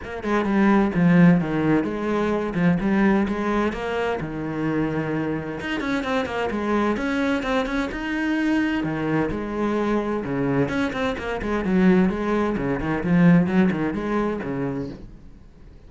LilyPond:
\new Staff \with { instrumentName = "cello" } { \time 4/4 \tempo 4 = 129 ais8 gis8 g4 f4 dis4 | gis4. f8 g4 gis4 | ais4 dis2. | dis'8 cis'8 c'8 ais8 gis4 cis'4 |
c'8 cis'8 dis'2 dis4 | gis2 cis4 cis'8 c'8 | ais8 gis8 fis4 gis4 cis8 dis8 | f4 fis8 dis8 gis4 cis4 | }